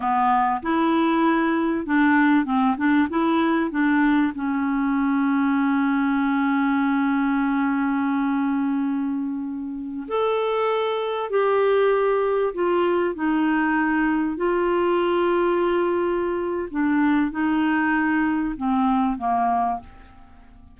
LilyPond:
\new Staff \with { instrumentName = "clarinet" } { \time 4/4 \tempo 4 = 97 b4 e'2 d'4 | c'8 d'8 e'4 d'4 cis'4~ | cis'1~ | cis'1~ |
cis'16 a'2 g'4.~ g'16~ | g'16 f'4 dis'2 f'8.~ | f'2. d'4 | dis'2 c'4 ais4 | }